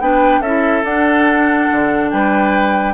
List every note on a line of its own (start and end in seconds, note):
0.00 0.40 B3
0.00 0.43 D4
0.00 0.41 B4
0.00 0.42 G5
0.40 0.82 C#4
0.40 0.83 E4
0.40 2.10 A4
0.40 0.84 E5
0.83 1.68 D4
0.83 2.94 D4
0.83 2.10 F#5
1.72 2.12 D3
2.10 2.94 G3
2.10 2.94 B4
2.10 2.94 G5